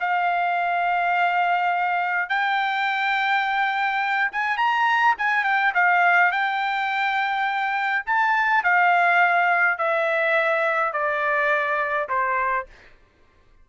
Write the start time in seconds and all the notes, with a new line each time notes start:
0.00 F5
2.29 G5
4.32 G#5
4.57 A#5
5.18 G#5
5.44 G5
5.74 F5
6.31 G5
8.06 A5
8.63 F5
9.78 E5
10.93 D5
12.09 C5